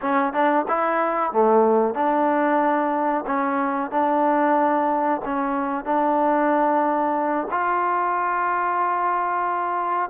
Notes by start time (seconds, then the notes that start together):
0.01 C#4
0.33 D4
0.68 E4
1.32 A3
1.94 D4
3.26 C#4
3.90 D4
5.24 C#4
5.84 D4
7.50 F4